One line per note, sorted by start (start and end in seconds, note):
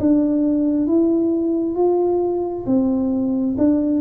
0.00 0.87 D4
0.87 1.76 E4
1.76 2.65 F4
2.67 3.56 C4
3.58 4.01 D4